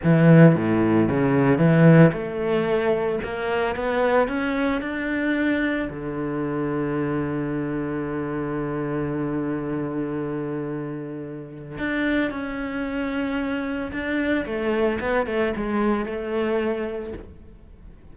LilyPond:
\new Staff \with { instrumentName = "cello" } { \time 4/4 \tempo 4 = 112 e4 a,4 cis4 e4 | a2 ais4 b4 | cis'4 d'2 d4~ | d1~ |
d1~ | d2 d'4 cis'4~ | cis'2 d'4 a4 | b8 a8 gis4 a2 | }